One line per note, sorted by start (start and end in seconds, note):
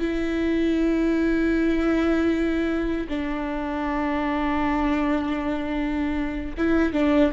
0.00 3.08 E4
3.09 6.55 D4
6.57 6.93 E4
6.93 7.32 D4